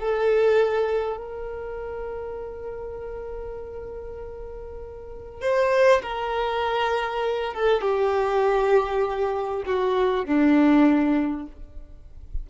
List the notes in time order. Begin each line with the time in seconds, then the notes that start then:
0.00 A4
1.18 A#4
5.42 C5
6.03 A#4
7.54 A4
7.82 G4
9.66 F#4
10.26 D4